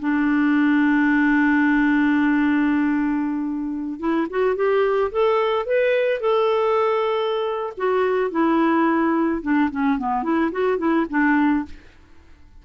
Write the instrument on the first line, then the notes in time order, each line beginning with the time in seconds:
clarinet
0.00 D4
4.00 E4
4.31 F#4
4.56 G4
5.12 A4
5.66 B4
6.21 A4
7.78 F#4
8.31 E4
9.43 D4
9.71 C#4
9.99 B3
10.24 E4
10.52 F#4
10.79 E4
11.10 D4